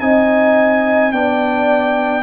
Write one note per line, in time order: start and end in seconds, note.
0.00 1.12 C4
0.00 1.13 D#4
0.00 1.14 D#5
0.00 1.12 G#5
1.12 2.23 B3
1.12 2.23 D4
1.12 2.23 D5
1.12 2.23 G5